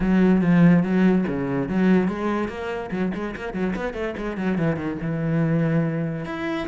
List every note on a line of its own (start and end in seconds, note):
0.00 0.41 F#3
0.41 0.83 F3
0.83 1.24 F#3
1.27 1.69 C#3
1.69 2.07 F#3
2.07 2.48 G#3
2.48 2.90 A#3
2.91 3.12 F#3
3.14 3.35 G#3
3.36 3.53 A#3
3.53 3.74 F#3
3.75 3.93 B3
3.93 4.14 A3
4.17 4.37 G#3
4.37 4.58 F#3
4.58 4.76 E3
4.76 4.97 D#3
5.01 6.25 E3
6.25 6.67 E4